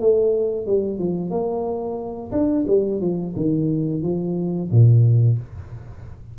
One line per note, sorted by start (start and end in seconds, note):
0.00 0.66 A3
0.66 0.98 G3
0.98 1.30 F3
1.30 2.31 A#3
2.31 2.65 D4
2.67 3.01 G3
3.01 3.34 F3
3.36 4.02 D#3
4.02 4.70 F3
4.71 5.38 A#2